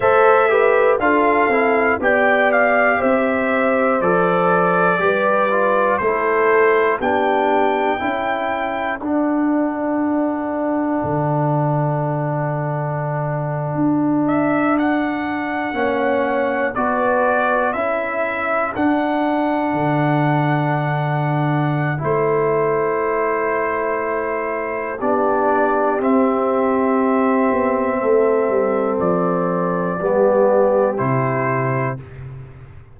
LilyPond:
<<
  \new Staff \with { instrumentName = "trumpet" } { \time 4/4 \tempo 4 = 60 e''4 f''4 g''8 f''8 e''4 | d''2 c''4 g''4~ | g''4 fis''2.~ | fis''2~ fis''16 e''8 fis''4~ fis''16~ |
fis''8. d''4 e''4 fis''4~ fis''16~ | fis''2 c''2~ | c''4 d''4 e''2~ | e''4 d''2 c''4 | }
  \new Staff \with { instrumentName = "horn" } { \time 4/4 c''8 b'8 a'4 d''4 c''4~ | c''4 b'4 a'4 g'4 | a'1~ | a'2.~ a'8. cis''16~ |
cis''8. b'4 a'2~ a'16~ | a'1~ | a'4 g'2. | a'2 g'2 | }
  \new Staff \with { instrumentName = "trombone" } { \time 4/4 a'8 g'8 f'8 e'8 g'2 | a'4 g'8 f'8 e'4 d'4 | e'4 d'2.~ | d'2.~ d'8. cis'16~ |
cis'8. fis'4 e'4 d'4~ d'16~ | d'2 e'2~ | e'4 d'4 c'2~ | c'2 b4 e'4 | }
  \new Staff \with { instrumentName = "tuba" } { \time 4/4 a4 d'8 c'8 b4 c'4 | f4 g4 a4 b4 | cis'4 d'2 d4~ | d4.~ d16 d'2 ais16~ |
ais8. b4 cis'4 d'4 d16~ | d2 a2~ | a4 b4 c'4. b8 | a8 g8 f4 g4 c4 | }
>>